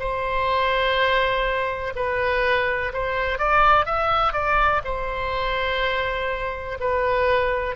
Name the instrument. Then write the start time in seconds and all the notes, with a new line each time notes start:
oboe
0.00 C5
1.96 B4
2.94 C5
3.39 D5
3.86 E5
4.33 D5
4.85 C5
6.80 B4